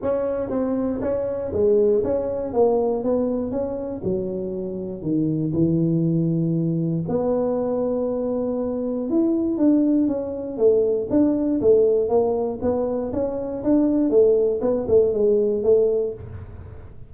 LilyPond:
\new Staff \with { instrumentName = "tuba" } { \time 4/4 \tempo 4 = 119 cis'4 c'4 cis'4 gis4 | cis'4 ais4 b4 cis'4 | fis2 dis4 e4~ | e2 b2~ |
b2 e'4 d'4 | cis'4 a4 d'4 a4 | ais4 b4 cis'4 d'4 | a4 b8 a8 gis4 a4 | }